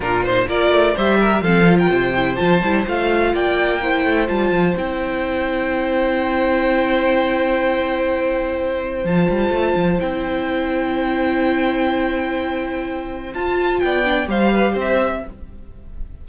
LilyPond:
<<
  \new Staff \with { instrumentName = "violin" } { \time 4/4 \tempo 4 = 126 ais'8 c''8 d''4 e''4 f''8. g''16~ | g''4 a''4 f''4 g''4~ | g''4 a''4 g''2~ | g''1~ |
g''2. a''4~ | a''4 g''2.~ | g''1 | a''4 g''4 f''4 e''4 | }
  \new Staff \with { instrumentName = "violin" } { \time 4/4 f'4 ais'4 c''8 ais'8 a'8. ais'16 | c''2. d''4 | c''1~ | c''1~ |
c''1~ | c''1~ | c''1~ | c''4 d''4 c''8 b'8 c''4 | }
  \new Staff \with { instrumentName = "viola" } { \time 4/4 d'8 dis'8 f'4 g'4 c'8 f'8~ | f'8 e'8 f'8 e'8 f'2 | e'4 f'4 e'2~ | e'1~ |
e'2. f'4~ | f'4 e'2.~ | e'1 | f'4. d'8 g'2 | }
  \new Staff \with { instrumentName = "cello" } { \time 4/4 ais,4 ais8 a8 g4 f4 | c4 f8 g8 a4 ais4~ | ais8 a8 g8 f8 c'2~ | c'1~ |
c'2. f8 g8 | a8 f8 c'2.~ | c'1 | f'4 b4 g4 c'4 | }
>>